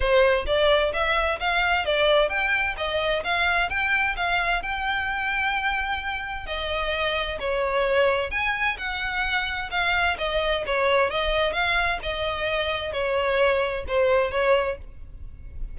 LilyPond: \new Staff \with { instrumentName = "violin" } { \time 4/4 \tempo 4 = 130 c''4 d''4 e''4 f''4 | d''4 g''4 dis''4 f''4 | g''4 f''4 g''2~ | g''2 dis''2 |
cis''2 gis''4 fis''4~ | fis''4 f''4 dis''4 cis''4 | dis''4 f''4 dis''2 | cis''2 c''4 cis''4 | }